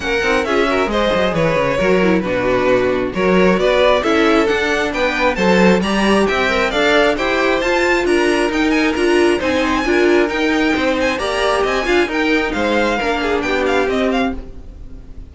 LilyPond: <<
  \new Staff \with { instrumentName = "violin" } { \time 4/4 \tempo 4 = 134 fis''4 e''4 dis''4 cis''4~ | cis''4 b'2 cis''4 | d''4 e''4 fis''4 g''4 | a''4 ais''4 g''4 f''4 |
g''4 a''4 ais''4 g''8 gis''8 | ais''4 gis''2 g''4~ | g''8 gis''8 ais''4 gis''4 g''4 | f''2 g''8 f''8 dis''8 f''8 | }
  \new Staff \with { instrumentName = "violin" } { \time 4/4 ais'4 gis'8 ais'8 c''4 b'4 | ais'4 fis'2 ais'4 | b'4 a'2 b'4 | c''4 d''4 e''4 d''4 |
c''2 ais'2~ | ais'4 c''4 ais'2 | c''4 d''4 dis''8 f''8 ais'4 | c''4 ais'8 gis'8 g'2 | }
  \new Staff \with { instrumentName = "viola" } { \time 4/4 cis'8 dis'8 f'8 fis'8 gis'2 | fis'8 e'8 d'2 fis'4~ | fis'4 e'4 d'2 | a'4 g'4. ais'8 a'4 |
g'4 f'2 dis'4 | f'4 dis'4 f'4 dis'4~ | dis'4 g'4. f'8 dis'4~ | dis'4 d'2 c'4 | }
  \new Staff \with { instrumentName = "cello" } { \time 4/4 ais8 c'8 cis'4 gis8 fis8 e8 cis8 | fis4 b,2 fis4 | b4 cis'4 d'4 b4 | fis4 g4 c'4 d'4 |
e'4 f'4 d'4 dis'4 | d'4 c'4 d'4 dis'4 | c'4 ais4 c'8 d'8 dis'4 | gis4 ais4 b4 c'4 | }
>>